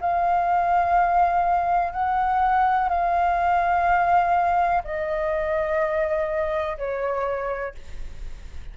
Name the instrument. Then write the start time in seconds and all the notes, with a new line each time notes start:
flute
0.00 F5
1.92 F#5
2.89 F5
4.83 D#5
6.77 C#5